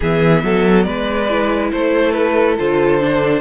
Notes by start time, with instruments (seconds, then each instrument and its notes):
0.00 cello E3, viola B3, violin G#4 E5
0.43 cello F#3, violin A4
0.83 cello G#3, violin B4 D5
1.29 viola E4
1.71 cello A3, violin A4 C5
2.12 violin B4
2.58 cello D3, viola F4, violin C5
3.00 viola D4